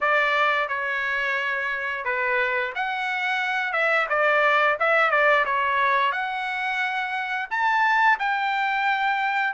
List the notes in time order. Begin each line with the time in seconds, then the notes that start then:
0.01 D5
0.68 C#5
2.05 B4
2.75 F#5
3.72 E5
4.09 D5
4.79 E5
5.10 D5
5.45 C#5
6.12 F#5
7.50 A5
8.19 G5